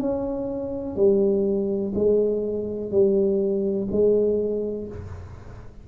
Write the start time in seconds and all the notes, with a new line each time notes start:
0.00 C#4
0.96 G3
1.95 G#3
2.91 G3
3.91 G#3